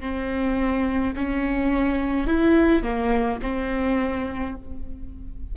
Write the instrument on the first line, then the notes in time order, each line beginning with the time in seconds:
viola
0.00 C4
1.16 C#4
2.26 E4
2.83 A#3
3.42 C4